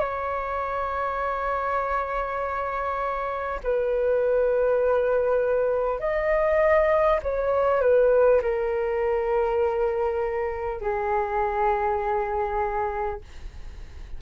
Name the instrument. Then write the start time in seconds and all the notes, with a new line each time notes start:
flute
0.00 C#5
3.64 B4
6.00 D#5
7.23 C#5
7.81 B4
8.42 A#4
10.81 G#4